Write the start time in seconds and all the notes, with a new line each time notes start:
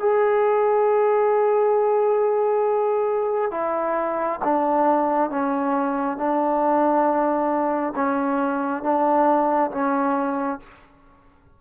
0.00 G#4
3.52 E4
4.44 D4
5.31 C#4
6.18 D4
7.96 C#4
8.83 D4
9.72 C#4